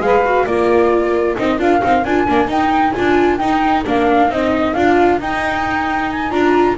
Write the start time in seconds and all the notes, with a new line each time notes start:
0.00 G#3 G#4 B4 F5
0.25 F#4
0.46 A#3 F4 A#4 D5
1.37 C4 D#4 D#5
1.59 D4 F4 F5
1.82 C4 D#4
2.04 D4 F4 G#5
2.28 A#3 D4
2.48 D#4 G5
2.91 F4 G#5
2.99 D4
3.38 D#4 G5
3.85 A#3 D4 F5
4.29 C4 D#4 D#5
4.74 D4 F4 F5
5.20 D#4 G5
6.11 G#5
6.31 D4 F4 A#5